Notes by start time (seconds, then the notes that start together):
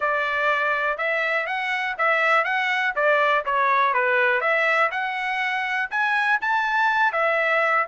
0.00 D5
0.97 E5
1.46 F#5
1.98 E5
2.44 F#5
2.95 D5
3.45 C#5
3.93 B4
4.40 E5
4.91 F#5
5.90 G#5
6.41 A5
7.12 E5